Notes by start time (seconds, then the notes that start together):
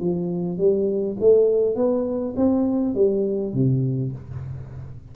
0.00 F3
0.58 G3
1.20 A3
1.76 B3
2.37 C4
2.95 G3
3.54 C3